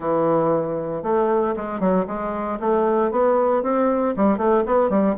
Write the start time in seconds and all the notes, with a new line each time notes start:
0.00 E3
1.03 A3
1.56 G#3
1.80 F#3
2.07 G#3
2.60 A3
3.11 B3
3.63 C4
4.16 G3
4.37 A3
4.66 B3
4.89 G3